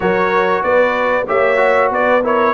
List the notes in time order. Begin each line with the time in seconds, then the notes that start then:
0.00 F#3 F#4 A#4 C#5
0.62 B3 B4 D5
1.26 A#3 G4 C#5 E5
1.56 F#4
1.91 B3 B4 D5
2.22 E4 A#4 C#5